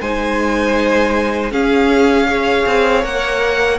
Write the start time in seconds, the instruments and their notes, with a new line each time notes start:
0.00 cello G#3, viola D#4, violin C5 G#5
1.51 cello C#4, viola C#4, violin G#4 F5
2.27 viola G#4, violin C#5
2.66 cello C4
3.02 cello A#3, viola A#4, violin F#5